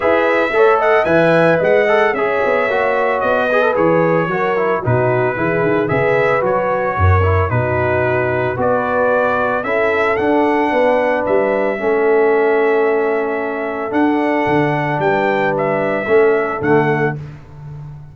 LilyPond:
<<
  \new Staff \with { instrumentName = "trumpet" } { \time 4/4 \tempo 4 = 112 e''4. fis''8 gis''4 fis''4 | e''2 dis''4 cis''4~ | cis''4 b'2 e''4 | cis''2 b'2 |
d''2 e''4 fis''4~ | fis''4 e''2.~ | e''2 fis''2 | g''4 e''2 fis''4 | }
  \new Staff \with { instrumentName = "horn" } { \time 4/4 b'4 cis''8 dis''8 e''4 dis''4 | cis''2~ cis''8 b'4. | ais'4 fis'4 gis'4 b'4~ | b'4 ais'4 fis'2 |
b'2 a'2 | b'2 a'2~ | a'1 | b'2 a'2 | }
  \new Staff \with { instrumentName = "trombone" } { \time 4/4 gis'4 a'4 b'4. a'8 | gis'4 fis'4. gis'16 a'16 gis'4 | fis'8 e'8 dis'4 e'4 gis'4 | fis'4. e'8 dis'2 |
fis'2 e'4 d'4~ | d'2 cis'2~ | cis'2 d'2~ | d'2 cis'4 a4 | }
  \new Staff \with { instrumentName = "tuba" } { \time 4/4 e'4 a4 e4 gis4 | cis'8 b8 ais4 b4 e4 | fis4 b,4 e8 dis8 cis4 | fis4 fis,4 b,2 |
b2 cis'4 d'4 | b4 g4 a2~ | a2 d'4 d4 | g2 a4 d4 | }
>>